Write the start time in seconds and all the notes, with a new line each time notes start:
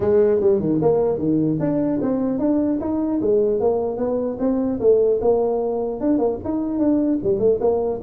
0.00 G#3
0.40 G3
0.60 D#3
0.81 A#3
1.18 D#3
1.60 D4
2.01 C4
2.38 D4
2.80 D#4
3.21 G#3
3.59 A#3
3.97 B3
4.39 C4
4.80 A3
5.21 A#3
6.00 D4
6.18 A#3
6.44 D#4
6.78 D4
7.23 G3
7.39 A3
7.60 A#3